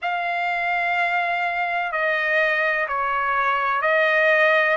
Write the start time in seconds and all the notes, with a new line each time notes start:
0.02 F5
1.91 D#5
2.88 C#5
3.81 D#5